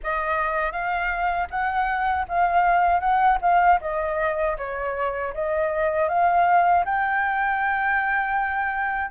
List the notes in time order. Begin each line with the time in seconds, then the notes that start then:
0.03 D#5
0.71 F5
1.50 F#5
2.28 F5
3.00 F#5
3.41 F5
3.80 D#5
4.57 C#5
5.34 D#5
6.09 F5
6.85 G5